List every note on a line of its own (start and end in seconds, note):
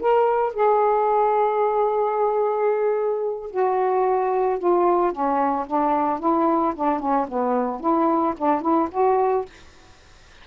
0.00 0.54 A#4
0.54 3.50 G#4
3.50 4.58 F#4
4.58 5.12 F4
5.12 5.66 C#4
5.67 6.19 D4
6.19 6.73 E4
6.75 6.99 D4
6.99 7.26 C#4
7.28 7.80 B3
7.80 8.34 E4
8.37 8.61 D4
8.61 8.88 E4
8.91 9.45 F#4